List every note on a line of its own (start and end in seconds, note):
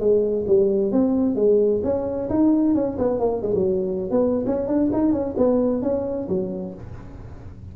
0.00 0.46 G#3
0.48 0.92 G3
0.92 1.36 C4
1.36 1.82 G#3
1.84 2.29 C#4
2.30 2.75 D#4
2.75 2.98 C#4
2.99 3.20 B3
3.20 3.42 A#3
3.43 3.54 G#3
3.55 4.11 F#3
4.11 4.45 B3
4.46 4.68 C#4
4.68 4.90 D4
4.93 5.13 D#4
5.13 5.35 C#4
5.38 5.82 B3
5.82 6.28 C#4
6.29 6.75 F#3